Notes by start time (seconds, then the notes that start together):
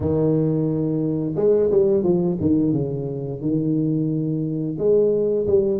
0.00 D#3
1.36 G#3
1.70 G3
2.03 F3
2.40 D#3
2.73 C#3
3.41 D#3
4.78 G#3
5.47 G3